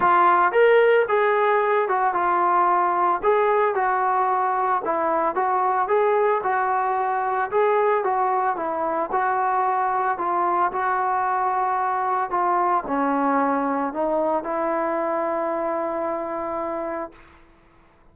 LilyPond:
\new Staff \with { instrumentName = "trombone" } { \time 4/4 \tempo 4 = 112 f'4 ais'4 gis'4. fis'8 | f'2 gis'4 fis'4~ | fis'4 e'4 fis'4 gis'4 | fis'2 gis'4 fis'4 |
e'4 fis'2 f'4 | fis'2. f'4 | cis'2 dis'4 e'4~ | e'1 | }